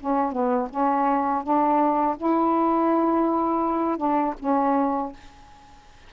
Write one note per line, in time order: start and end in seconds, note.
0.00 0.32 C#4
0.32 0.69 B3
0.70 1.43 C#4
1.43 2.17 D4
2.17 3.97 E4
3.97 4.34 D4
4.39 5.12 C#4